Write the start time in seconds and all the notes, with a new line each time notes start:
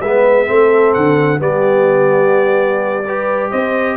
0.00 G#3 B3 B4 E5
0.46 A3 C4 A4
0.93 D3 F#5
1.39 G3 B3 G4 D5
3.05 G4 B4
3.51 C4 C5 D#5